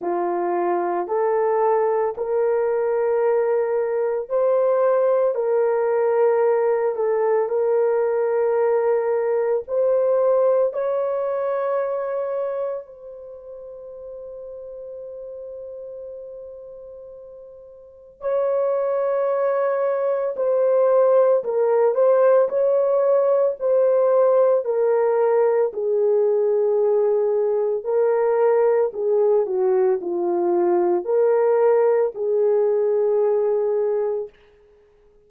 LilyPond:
\new Staff \with { instrumentName = "horn" } { \time 4/4 \tempo 4 = 56 f'4 a'4 ais'2 | c''4 ais'4. a'8 ais'4~ | ais'4 c''4 cis''2 | c''1~ |
c''4 cis''2 c''4 | ais'8 c''8 cis''4 c''4 ais'4 | gis'2 ais'4 gis'8 fis'8 | f'4 ais'4 gis'2 | }